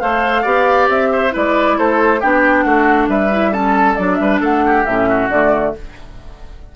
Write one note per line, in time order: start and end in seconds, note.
0.00 0.45 A3
0.00 0.45 A4
0.00 0.42 C5
0.00 0.88 F5
0.42 0.89 B3
0.42 1.31 G4
0.42 1.08 D5
0.89 1.33 C4
0.89 1.34 E5
1.12 1.33 C5
1.31 1.78 G#3
1.31 2.19 E4
1.31 1.77 B4
1.31 1.78 D5
1.78 2.22 A3
1.78 2.20 A4
1.78 2.21 C5
2.20 2.65 B3
2.20 3.32 D4
2.20 2.64 G4
2.20 2.63 G5
2.63 3.08 A3
2.63 3.10 F#4
2.63 3.07 F#5
3.08 3.96 G3
3.08 3.51 B4
3.08 3.54 E5
3.32 3.53 E4
3.51 3.97 C#4
3.51 4.18 A4
3.51 3.96 A5
3.96 4.20 F#3
3.96 4.86 D4
3.96 4.16 D5
4.16 4.41 G3
4.16 4.38 E5
4.22 4.41 B4
4.41 4.85 A3
4.41 4.63 A4
4.41 4.86 F#5
4.66 5.09 G4
4.86 5.30 A2
4.86 5.32 C#4
4.86 5.30 E5
5.09 5.75 F#4
5.30 5.74 D3
5.30 5.76 A3
5.30 5.74 D5